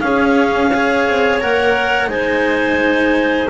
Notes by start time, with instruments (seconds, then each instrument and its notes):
0.00 cello C#4, double bass C#4, clarinet G#4 F5
0.71 cello G#4, clarinet C#5
1.08 double bass C4
1.41 double bass A#3, cello A#4, clarinet F#5
2.07 double bass G#3, cello D#4, clarinet C5 G#5